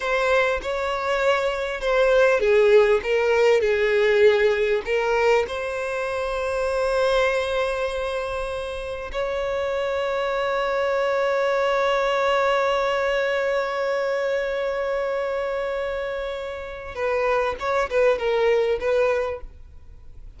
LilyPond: \new Staff \with { instrumentName = "violin" } { \time 4/4 \tempo 4 = 99 c''4 cis''2 c''4 | gis'4 ais'4 gis'2 | ais'4 c''2.~ | c''2. cis''4~ |
cis''1~ | cis''1~ | cis''1 | b'4 cis''8 b'8 ais'4 b'4 | }